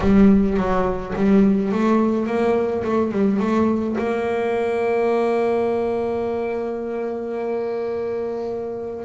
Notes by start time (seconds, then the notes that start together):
0.00 G3
0.57 F#3
1.16 G3
1.71 A3
2.26 A#3
2.84 A3
3.11 G3
3.39 A3
3.98 A#3